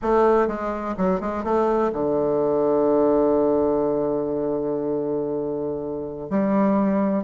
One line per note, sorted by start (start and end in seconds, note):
0.02 0.47 A3
0.47 0.95 G#3
0.97 1.20 F#3
1.20 1.44 G#3
1.44 1.91 A3
1.92 6.30 D3
6.30 7.23 G3